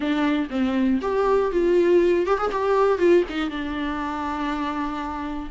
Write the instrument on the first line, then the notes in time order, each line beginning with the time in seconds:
viola
0.00 D4
0.50 C4
1.01 G4
1.51 F4
2.26 G4
2.38 G#4
2.51 G4
2.98 F4
3.29 D#4
3.50 D4